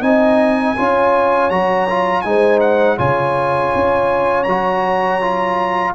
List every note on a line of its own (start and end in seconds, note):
0.00 0.76 C4
0.00 0.76 D#4
0.00 0.74 D#5
0.00 1.50 G#5
0.76 1.50 C#4
0.76 1.50 F4
0.76 2.24 C#5
1.50 2.25 F#3
1.50 1.87 F#4
1.50 2.22 A#5
1.89 2.25 F4
2.22 2.99 G#3
2.22 2.97 D#4
2.22 2.98 C5
2.22 2.59 G#5
2.60 2.97 F#5
2.97 3.73 C#3
2.97 4.46 F4
2.97 5.94 C#5
2.97 4.44 G#5
3.75 4.46 C#4
4.44 5.95 F#3
4.44 5.22 F#4
4.44 5.92 A#5
5.22 5.95 F4